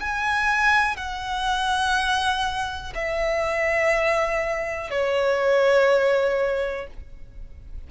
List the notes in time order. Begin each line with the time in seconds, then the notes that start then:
0.00 G#5
0.97 F#5
2.95 E5
4.90 C#5